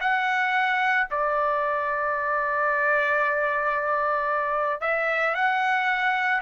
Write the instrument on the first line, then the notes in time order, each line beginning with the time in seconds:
trumpet
0.00 F#5
1.11 D5
4.81 E5
5.35 F#5